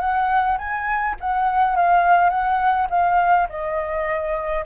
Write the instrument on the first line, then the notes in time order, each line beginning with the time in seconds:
flute
0.00 F#5
0.58 G#5
1.21 F#5
1.76 F5
2.30 F#5
2.90 F5
3.50 D#5